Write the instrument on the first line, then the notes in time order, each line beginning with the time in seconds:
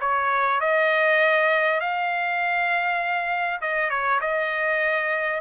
trumpet
0.00 C#5
0.60 D#5
1.80 F5
3.61 D#5
3.89 C#5
4.20 D#5